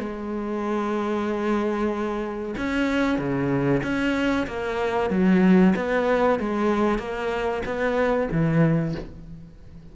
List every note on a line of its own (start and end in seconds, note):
0.00 2.55 G#3
2.58 3.19 C#4
3.19 3.82 C#3
3.84 4.47 C#4
4.48 5.11 A#3
5.11 5.75 F#3
5.76 6.40 B3
6.40 6.99 G#3
6.99 7.63 A#3
7.66 8.29 B3
8.32 8.96 E3